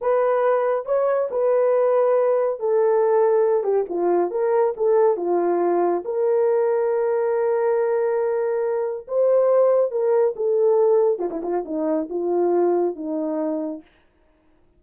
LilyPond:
\new Staff \with { instrumentName = "horn" } { \time 4/4 \tempo 4 = 139 b'2 cis''4 b'4~ | b'2 a'2~ | a'8 g'8 f'4 ais'4 a'4 | f'2 ais'2~ |
ais'1~ | ais'4 c''2 ais'4 | a'2 f'16 e'16 f'8 dis'4 | f'2 dis'2 | }